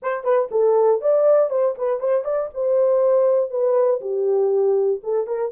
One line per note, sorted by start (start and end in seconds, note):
0.02 0.24 C5
0.24 0.49 B4
0.51 1.01 A4
1.01 1.50 D5
1.50 1.75 C5
1.77 2.00 B4
2.00 2.24 C5
2.24 2.49 D5
2.53 3.50 C5
3.50 4.00 B4
4.00 5.00 G4
5.03 5.26 A4
5.26 5.51 A#4